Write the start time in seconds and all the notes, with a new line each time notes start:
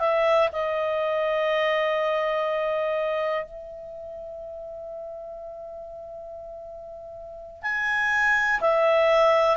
0.00 E5
0.52 D#5
3.45 E5
7.62 G#5
8.61 E5